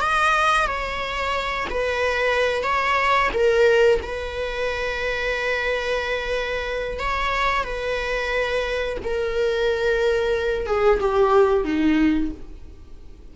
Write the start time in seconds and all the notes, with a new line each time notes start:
0.00 D#5
0.66 C#5
1.70 B4
2.63 C#5
3.33 A#4
4.02 B4
6.99 C#5
7.63 B4
9.03 A#4
10.66 G#4
11.00 G4
11.64 D#4